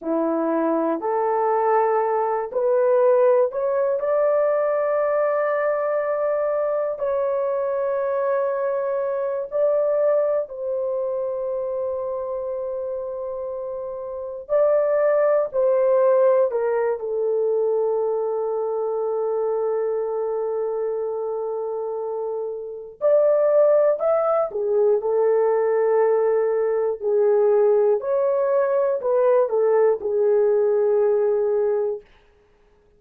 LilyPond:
\new Staff \with { instrumentName = "horn" } { \time 4/4 \tempo 4 = 60 e'4 a'4. b'4 cis''8 | d''2. cis''4~ | cis''4. d''4 c''4.~ | c''2~ c''8 d''4 c''8~ |
c''8 ais'8 a'2.~ | a'2. d''4 | e''8 gis'8 a'2 gis'4 | cis''4 b'8 a'8 gis'2 | }